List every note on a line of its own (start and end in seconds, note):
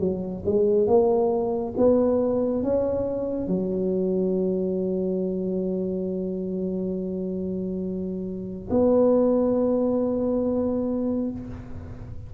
0.00 0.43 F#3
0.46 0.87 G#3
0.87 1.74 A#3
1.77 2.64 B3
2.64 3.48 C#4
3.48 8.70 F#3
8.71 11.32 B3